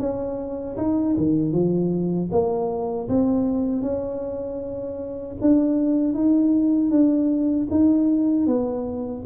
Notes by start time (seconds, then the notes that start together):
0.00 C#4
0.77 D#4
1.17 D#3
1.53 F3
2.32 A#3
3.09 C4
3.82 C#4
5.42 D4
6.14 D#4
6.91 D4
7.71 D#4
8.47 B3